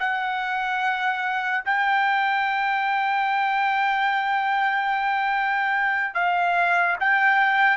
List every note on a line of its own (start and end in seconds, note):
0.00 1.64 F#5
1.66 6.15 G5
6.15 6.97 F5
7.00 7.77 G5